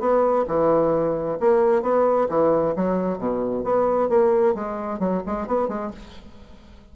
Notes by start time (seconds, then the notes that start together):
0.00 B3
0.48 E3
1.40 A#3
1.83 B3
2.29 E3
2.76 F#3
3.19 B2
3.64 B3
4.09 A#3
4.55 G#3
5.00 F#3
5.26 G#3
5.48 B3
5.68 G#3